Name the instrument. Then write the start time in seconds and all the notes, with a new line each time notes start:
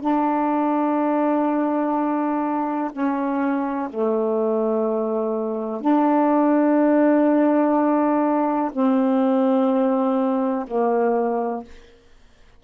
saxophone
0.00 D4
2.92 C#4
3.90 A3
5.81 D4
8.72 C4
10.67 A#3